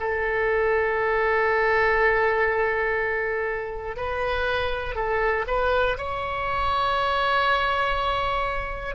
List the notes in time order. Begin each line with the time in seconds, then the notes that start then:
0.00 A4
3.96 B4
4.95 A4
5.47 B4
5.98 C#5